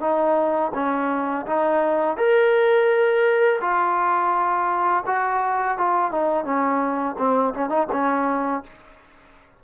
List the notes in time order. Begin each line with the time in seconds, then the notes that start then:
0.00 D#4
0.74 C#4
1.46 D#4
2.17 A#4
3.60 F4
5.06 F#4
5.77 F4
6.11 D#4
6.44 C#4
7.18 C4
7.54 C#4
7.69 D#4
7.92 C#4